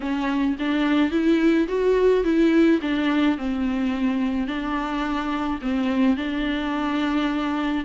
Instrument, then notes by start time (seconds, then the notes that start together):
viola
0.00 C#4
0.59 D4
1.11 E4
1.67 F#4
2.24 E4
2.81 D4
3.37 C4
4.47 D4
5.61 C4
6.16 D4